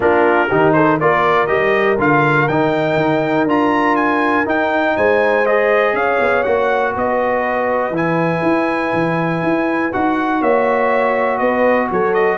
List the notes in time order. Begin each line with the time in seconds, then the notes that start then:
0.00 A#3 D4 F4 A#4
0.48 D#3 D#4 G4
0.72 A4 C5
0.99 A#3 F4 A#4 D5
1.47 G3 G4 D#5
1.98 D3 F4 F5
2.48 D#3 D#4 G5
2.96 D#4
3.45 D4 F4 A#5
3.96 G#5
4.45 D#4 G5
4.96 G#3 C5 G#5
5.46 G#4 D#5
5.93 C#4 C#5 F5
6.19 B3
6.43 A#3 F#4 F#5
6.93 B3 B4 D#5
7.90 E3 E4 G#5
8.42 E4
8.93 E3
9.42 E4
9.92 D#4 F#4 F#5
10.40 A#3 C#5 E5
11.38 B3 B4 D#5
11.90 F#3 A4 C#5
12.14 D#5